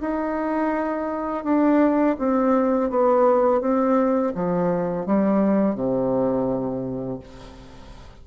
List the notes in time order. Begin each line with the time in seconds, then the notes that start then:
0.00 D#4
1.43 D4
2.18 C4
2.89 B3
3.60 C4
4.34 F3
5.06 G3
5.74 C3